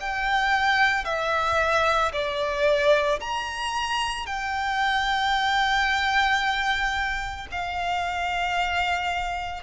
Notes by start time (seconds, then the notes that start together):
0.00 G5
1.04 E5
2.12 D5
3.20 A#5
4.26 G5
7.51 F5